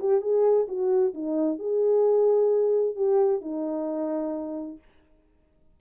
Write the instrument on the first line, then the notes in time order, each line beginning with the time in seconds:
horn
0.00 G4
0.21 G#4
0.68 F#4
1.14 D#4
1.59 G#4
2.96 G4
3.41 D#4